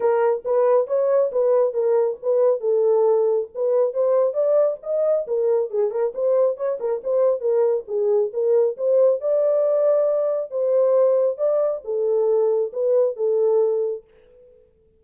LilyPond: \new Staff \with { instrumentName = "horn" } { \time 4/4 \tempo 4 = 137 ais'4 b'4 cis''4 b'4 | ais'4 b'4 a'2 | b'4 c''4 d''4 dis''4 | ais'4 gis'8 ais'8 c''4 cis''8 ais'8 |
c''4 ais'4 gis'4 ais'4 | c''4 d''2. | c''2 d''4 a'4~ | a'4 b'4 a'2 | }